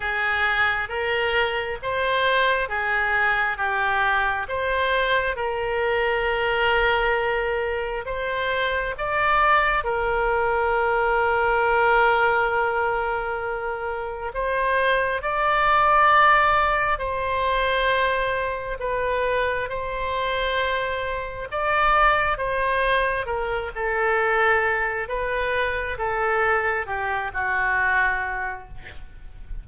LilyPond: \new Staff \with { instrumentName = "oboe" } { \time 4/4 \tempo 4 = 67 gis'4 ais'4 c''4 gis'4 | g'4 c''4 ais'2~ | ais'4 c''4 d''4 ais'4~ | ais'1 |
c''4 d''2 c''4~ | c''4 b'4 c''2 | d''4 c''4 ais'8 a'4. | b'4 a'4 g'8 fis'4. | }